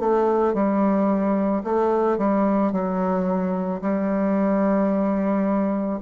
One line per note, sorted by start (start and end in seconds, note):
0.00 0.54 A3
0.54 1.63 G3
1.64 2.18 A3
2.18 2.72 G3
2.72 3.81 F#3
3.82 6.00 G3